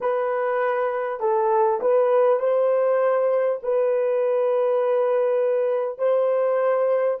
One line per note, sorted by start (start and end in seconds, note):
0.00 1.19 B4
1.19 1.79 A4
1.81 2.39 B4
2.39 3.59 C5
3.63 5.98 B4
5.98 7.18 C5